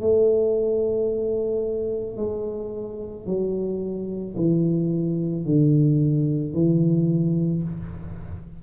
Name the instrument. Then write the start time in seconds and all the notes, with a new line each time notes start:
tuba
0.00 A3
2.17 G#3
3.26 F#3
4.36 E3
5.45 D3
6.54 E3